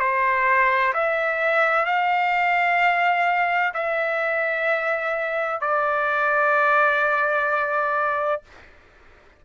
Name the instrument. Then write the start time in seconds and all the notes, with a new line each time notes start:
trumpet
0.00 C5
0.94 E5
1.86 F5
3.75 E5
5.61 D5